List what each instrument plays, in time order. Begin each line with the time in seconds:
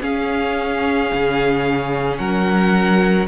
0.00 viola C#4, cello C#4, violin G#4 F5
1.13 cello C#3
2.17 cello F#3, violin A#4 F#5